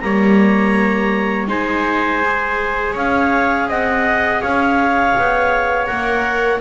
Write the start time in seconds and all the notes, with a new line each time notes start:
0.00 G3 A#3 C#5 A#5
1.48 G#3 D#4 C5 G#5
2.25 G#4
2.93 C#4 C#5 F5
3.68 C4 D#5 F#5
4.42 C#4 C#5 F5
5.17 B3
5.86 A#3 A#4 F#5